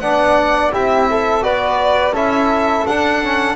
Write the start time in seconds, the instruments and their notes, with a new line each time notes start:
0.00 double bass B3, trombone D4, flute D5, violin F#5
0.71 double bass C4, trombone E4, flute G4, violin E5
1.10 flute A4
1.42 double bass B3, trombone F#4, flute B4, violin D5
2.11 double bass C#4, trombone E4, flute A4, violin E5
2.87 double bass D4, trombone D4, violin F#5
3.23 trombone C#4